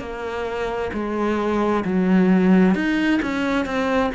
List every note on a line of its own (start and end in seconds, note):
0.00 0.91 A#3
0.94 1.85 G#3
1.86 2.75 F#3
2.75 3.21 D#4
3.22 3.66 C#4
3.66 4.11 C4